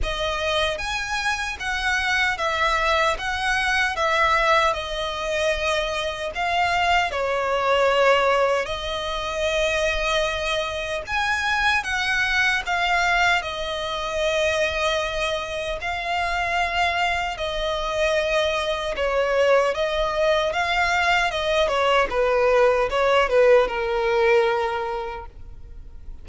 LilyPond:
\new Staff \with { instrumentName = "violin" } { \time 4/4 \tempo 4 = 76 dis''4 gis''4 fis''4 e''4 | fis''4 e''4 dis''2 | f''4 cis''2 dis''4~ | dis''2 gis''4 fis''4 |
f''4 dis''2. | f''2 dis''2 | cis''4 dis''4 f''4 dis''8 cis''8 | b'4 cis''8 b'8 ais'2 | }